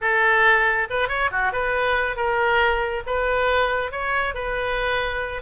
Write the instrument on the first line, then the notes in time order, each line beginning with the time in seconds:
oboe
0.01 A4
0.90 B4
1.08 C#5
1.31 F#4
1.52 B4
2.16 A#4
3.06 B4
3.91 C#5
4.34 B4